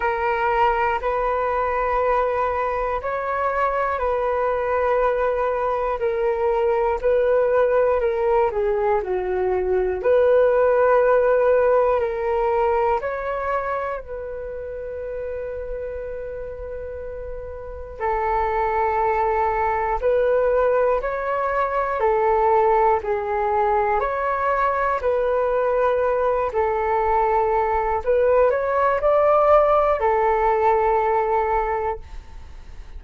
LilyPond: \new Staff \with { instrumentName = "flute" } { \time 4/4 \tempo 4 = 60 ais'4 b'2 cis''4 | b'2 ais'4 b'4 | ais'8 gis'8 fis'4 b'2 | ais'4 cis''4 b'2~ |
b'2 a'2 | b'4 cis''4 a'4 gis'4 | cis''4 b'4. a'4. | b'8 cis''8 d''4 a'2 | }